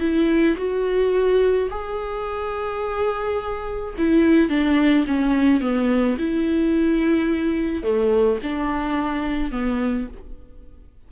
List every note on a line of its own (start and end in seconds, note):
0.00 0.56 E4
0.57 1.69 F#4
1.70 3.95 G#4
3.98 4.50 E4
4.50 5.06 D4
5.07 5.61 C#4
5.61 6.17 B3
6.18 7.83 E4
7.83 8.39 A3
8.43 9.51 D4
9.51 10.08 B3